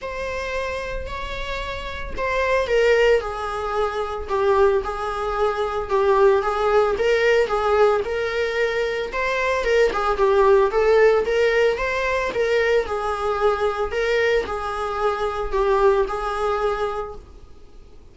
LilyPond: \new Staff \with { instrumentName = "viola" } { \time 4/4 \tempo 4 = 112 c''2 cis''2 | c''4 ais'4 gis'2 | g'4 gis'2 g'4 | gis'4 ais'4 gis'4 ais'4~ |
ais'4 c''4 ais'8 gis'8 g'4 | a'4 ais'4 c''4 ais'4 | gis'2 ais'4 gis'4~ | gis'4 g'4 gis'2 | }